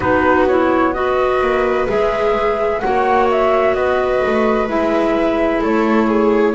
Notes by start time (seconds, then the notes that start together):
0.00 B3 D#4 F#4 B4
0.47 E4 C#5
0.93 F#4 B4 D#5
1.40 A#3
1.88 G#3 G#4 E5
2.79 A#3 F#4 C#5 F#5
3.30 E5
3.73 B3 B4 D#5
4.26 A3
4.68 G#3 E4 E5
5.61 A3 A4 C#5
6.07 G#4